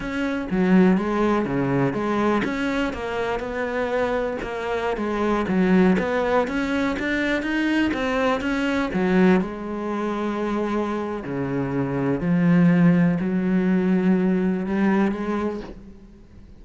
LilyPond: \new Staff \with { instrumentName = "cello" } { \time 4/4 \tempo 4 = 123 cis'4 fis4 gis4 cis4 | gis4 cis'4 ais4 b4~ | b4 ais4~ ais16 gis4 fis8.~ | fis16 b4 cis'4 d'4 dis'8.~ |
dis'16 c'4 cis'4 fis4 gis8.~ | gis2. cis4~ | cis4 f2 fis4~ | fis2 g4 gis4 | }